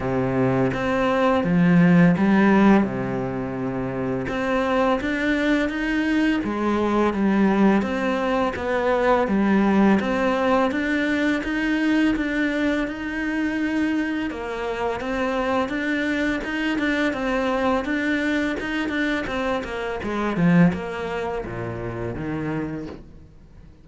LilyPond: \new Staff \with { instrumentName = "cello" } { \time 4/4 \tempo 4 = 84 c4 c'4 f4 g4 | c2 c'4 d'4 | dis'4 gis4 g4 c'4 | b4 g4 c'4 d'4 |
dis'4 d'4 dis'2 | ais4 c'4 d'4 dis'8 d'8 | c'4 d'4 dis'8 d'8 c'8 ais8 | gis8 f8 ais4 ais,4 dis4 | }